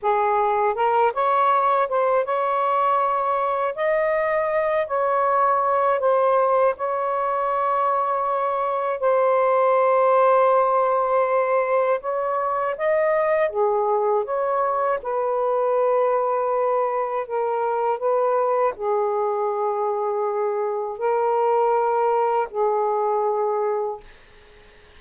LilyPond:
\new Staff \with { instrumentName = "saxophone" } { \time 4/4 \tempo 4 = 80 gis'4 ais'8 cis''4 c''8 cis''4~ | cis''4 dis''4. cis''4. | c''4 cis''2. | c''1 |
cis''4 dis''4 gis'4 cis''4 | b'2. ais'4 | b'4 gis'2. | ais'2 gis'2 | }